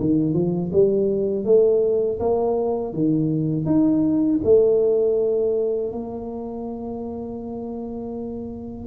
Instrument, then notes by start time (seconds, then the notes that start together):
tuba
0.00 D#3
0.33 F3
0.72 G3
1.44 A3
2.19 A#3
2.93 D#3
3.66 D#4
4.44 A3
5.92 A#3